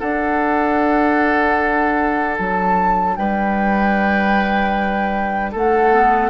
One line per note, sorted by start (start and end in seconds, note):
0.00 5.92 D4
0.00 2.39 D4
0.00 3.16 A4
0.00 2.37 F#5
2.38 3.18 F#3
2.38 3.17 A5
3.17 5.55 G3
3.17 5.52 B4
3.17 5.53 G5
5.52 6.30 A3
5.52 6.30 A4
5.52 6.30 F#5
5.92 6.30 B3